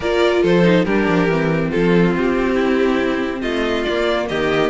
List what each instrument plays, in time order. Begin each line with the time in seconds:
0.00 cello A#3, viola F4, violin A#4 D5
0.42 cello F3, violin A4 C5
0.63 viola D#4
0.84 cello G3, viola D4, violin G4 A#4
1.07 cello F3
1.27 cello E3, viola C4
1.70 cello F3, violin F4 A4
2.16 cello C4, violin G4
2.55 violin E4
3.41 cello A3, violin F4 D#5
3.83 viola A#3, cello A#3, violin D5
4.29 cello D#3, violin G4 D#5